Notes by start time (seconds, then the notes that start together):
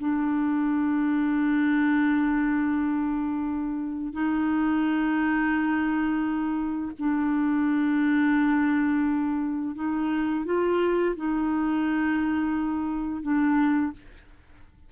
0.00 D4
4.13 D#4
6.99 D4
9.76 D#4
10.46 F4
11.17 D#4
13.23 D4